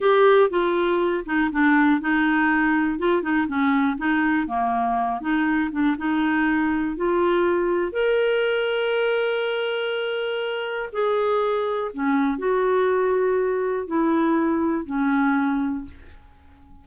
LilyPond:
\new Staff \with { instrumentName = "clarinet" } { \time 4/4 \tempo 4 = 121 g'4 f'4. dis'8 d'4 | dis'2 f'8 dis'8 cis'4 | dis'4 ais4. dis'4 d'8 | dis'2 f'2 |
ais'1~ | ais'2 gis'2 | cis'4 fis'2. | e'2 cis'2 | }